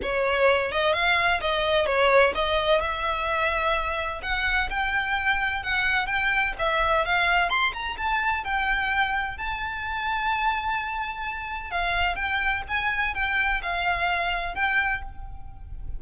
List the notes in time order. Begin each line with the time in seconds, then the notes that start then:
0.02 C#5
0.71 D#5
0.93 F5
1.40 D#5
1.86 C#5
2.35 D#5
2.80 E5
4.22 F#5
4.70 G5
5.63 F#5
6.06 G5
6.58 E5
7.05 F5
7.49 C6
7.73 A#5
7.97 A5
8.44 G5
9.37 A5
11.70 F5
12.15 G5
12.68 G#5
13.14 G5
13.62 F5
14.55 G5